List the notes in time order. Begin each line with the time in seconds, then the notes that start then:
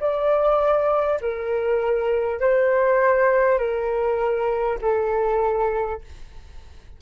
0.00 D5
1.21 A#4
2.41 C5
3.58 A#4
4.82 A4